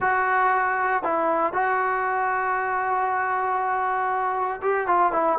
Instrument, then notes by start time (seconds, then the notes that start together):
trombone
0.00 F#4
1.03 E4
1.53 F#4
4.62 G4
4.87 F4
5.12 E4